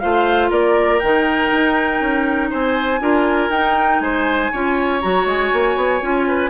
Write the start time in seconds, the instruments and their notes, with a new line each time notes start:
0.00 bassoon A3, clarinet F4, oboe C5, flute F5
0.50 bassoon A#3, oboe A#4, flute D5
0.99 bassoon D#3, clarinet D#4, flute G5
1.51 bassoon D#4
2.01 bassoon C#4
2.50 bassoon C4, oboe C5, flute G#5
3.00 bassoon D4, clarinet F4, oboe A#4
3.49 bassoon D#4, clarinet D#4, flute G5
4.00 bassoon G#3, oboe C5, flute G#5
4.52 bassoon C#4, clarinet F4, oboe C#5
5.01 bassoon F#3, clarinet F#4, flute A#5
5.25 bassoon G#3, flute G#5
5.53 bassoon A#3
5.76 bassoon B3
6.01 bassoon C#4, clarinet F4
6.28 oboe B4